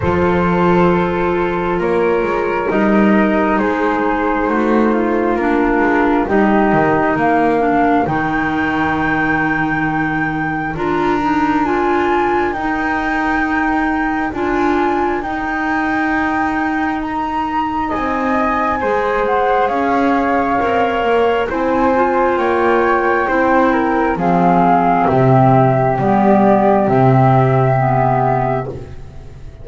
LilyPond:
<<
  \new Staff \with { instrumentName = "flute" } { \time 4/4 \tempo 4 = 67 c''2 cis''4 dis''4 | c''2 ais'4 dis''4 | f''4 g''2. | ais''4 gis''4 g''2 |
gis''4 g''2 ais''4 | gis''4. fis''8 f''2 | gis''4 g''2 f''4 | e''4 d''4 e''2 | }
  \new Staff \with { instrumentName = "flute" } { \time 4/4 a'2 ais'2 | gis'4 fis'8 f'4. g'4 | ais'1~ | ais'1~ |
ais'1 | dis''4 c''4 cis''2 | c''4 cis''4 c''8 ais'8 gis'4 | g'1 | }
  \new Staff \with { instrumentName = "clarinet" } { \time 4/4 f'2. dis'4~ | dis'2 d'4 dis'4~ | dis'8 d'8 dis'2. | f'8 dis'8 f'4 dis'2 |
f'4 dis'2.~ | dis'4 gis'2 ais'4 | e'8 f'4. e'4 c'4~ | c'4 b4 c'4 b4 | }
  \new Staff \with { instrumentName = "double bass" } { \time 4/4 f2 ais8 gis8 g4 | gis4 a4 ais8 gis8 g8 dis8 | ais4 dis2. | d'2 dis'2 |
d'4 dis'2. | c'4 gis4 cis'4 c'8 ais8 | c'4 ais4 c'4 f4 | c4 g4 c2 | }
>>